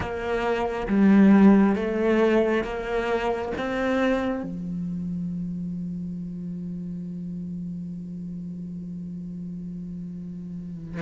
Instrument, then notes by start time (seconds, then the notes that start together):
cello
0.00 A#3
0.87 G3
1.75 A3
2.64 A#3
3.57 C4
4.43 F3